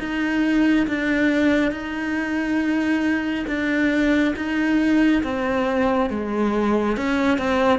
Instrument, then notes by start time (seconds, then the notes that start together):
cello
0.00 D#4
0.87 D4
1.72 D#4
3.48 D4
4.36 D#4
5.24 C4
6.10 G#3
6.97 C#4
7.38 C4